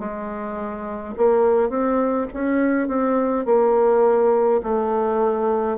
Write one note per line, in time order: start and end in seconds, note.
0.00 1.15 G#3
1.17 1.70 A#3
1.70 2.28 C4
2.34 2.88 C#4
2.88 3.46 C4
3.46 4.62 A#3
4.64 5.78 A3